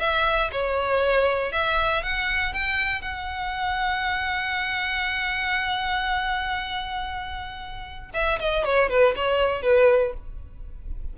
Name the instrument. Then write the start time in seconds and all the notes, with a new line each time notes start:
violin
0.00 E5
0.52 C#5
1.53 E5
2.03 F#5
2.54 G5
3.02 F#5
8.14 E5
8.40 D#5
8.65 C#5
8.90 B4
9.16 C#5
9.63 B4